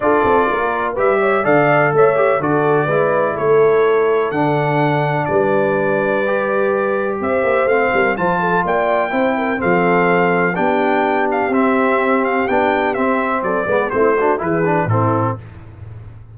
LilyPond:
<<
  \new Staff \with { instrumentName = "trumpet" } { \time 4/4 \tempo 4 = 125 d''2 e''4 f''4 | e''4 d''2 cis''4~ | cis''4 fis''2 d''4~ | d''2. e''4 |
f''4 a''4 g''2 | f''2 g''4. f''8 | e''4. f''8 g''4 e''4 | d''4 c''4 b'4 a'4 | }
  \new Staff \with { instrumentName = "horn" } { \time 4/4 a'4 ais'4 b'8 cis''8 d''4 | cis''4 a'4 b'4 a'4~ | a'2. b'4~ | b'2. c''4~ |
c''8 ais'8 c''8 a'8 d''4 c''8 ais'8 | a'2 g'2~ | g'1 | a'8 b'8 e'8 fis'8 gis'4 e'4 | }
  \new Staff \with { instrumentName = "trombone" } { \time 4/4 f'2 g'4 a'4~ | a'8 g'8 fis'4 e'2~ | e'4 d'2.~ | d'4 g'2. |
c'4 f'2 e'4 | c'2 d'2 | c'2 d'4 c'4~ | c'8 b8 c'8 d'8 e'8 d'8 c'4 | }
  \new Staff \with { instrumentName = "tuba" } { \time 4/4 d'8 c'8 ais4 g4 d4 | a4 d4 gis4 a4~ | a4 d2 g4~ | g2. c'8 ais8 |
a8 g8 f4 ais4 c'4 | f2 b2 | c'2 b4 c'4 | fis8 gis8 a4 e4 a,4 | }
>>